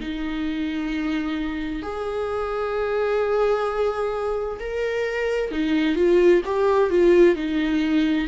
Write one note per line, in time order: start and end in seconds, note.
0.00 1.83 D#4
1.83 4.59 G#4
4.60 5.51 A#4
5.51 5.95 D#4
5.95 6.42 F4
6.45 6.90 G4
6.90 7.36 F4
7.36 8.27 D#4